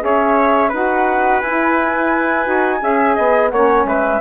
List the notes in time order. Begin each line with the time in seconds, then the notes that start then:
0.00 C#4 G#4 C#5 E5
0.69 D#4 F#4 B4 F#5
1.40 E4 G#5
2.45 D#4 F#4
2.81 C#4 G#4 E5
3.16 B3 D#5
3.50 A#3 C#4 C#5 F#5
3.85 G#3 B4 E5